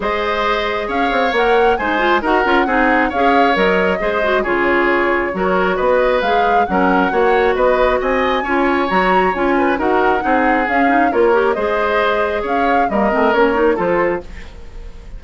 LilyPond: <<
  \new Staff \with { instrumentName = "flute" } { \time 4/4 \tempo 4 = 135 dis''2 f''4 fis''4 | gis''4 fis''2 f''4 | dis''2 cis''2~ | cis''4 dis''4 f''4 fis''4~ |
fis''4 dis''4 gis''2 | ais''4 gis''4 fis''2 | f''4 cis''4 dis''2 | f''4 dis''4 cis''4 c''4 | }
  \new Staff \with { instrumentName = "oboe" } { \time 4/4 c''2 cis''2 | c''4 ais'4 gis'4 cis''4~ | cis''4 c''4 gis'2 | ais'4 b'2 ais'4 |
cis''4 b'4 dis''4 cis''4~ | cis''4. b'8 ais'4 gis'4~ | gis'4 ais'4 c''2 | cis''4 ais'2 a'4 | }
  \new Staff \with { instrumentName = "clarinet" } { \time 4/4 gis'2. ais'4 | dis'8 f'8 fis'8 f'8 dis'4 gis'4 | ais'4 gis'8 fis'8 f'2 | fis'2 gis'4 cis'4 |
fis'2. f'4 | fis'4 f'4 fis'4 dis'4 | cis'8 dis'8 f'8 g'8 gis'2~ | gis'4 ais8 c'8 cis'8 dis'8 f'4 | }
  \new Staff \with { instrumentName = "bassoon" } { \time 4/4 gis2 cis'8 c'8 ais4 | gis4 dis'8 cis'8 c'4 cis'4 | fis4 gis4 cis2 | fis4 b4 gis4 fis4 |
ais4 b4 c'4 cis'4 | fis4 cis'4 dis'4 c'4 | cis'4 ais4 gis2 | cis'4 g8 a8 ais4 f4 | }
>>